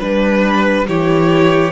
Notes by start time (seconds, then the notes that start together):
0.00 G3 D4 B4
0.88 E3 E4 G4 C#5